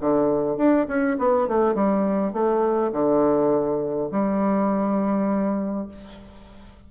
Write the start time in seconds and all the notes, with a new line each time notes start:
0.00 D3
0.57 D4
0.88 C#4
1.18 B3
1.48 A3
1.75 G3
2.33 A3
2.92 D3
4.11 G3